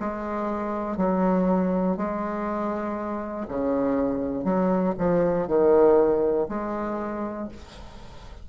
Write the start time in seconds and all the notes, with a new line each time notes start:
0.00 G#3
0.98 F#3
1.98 G#3
3.48 C#3
4.45 F#3
4.99 F3
5.48 D#3
6.49 G#3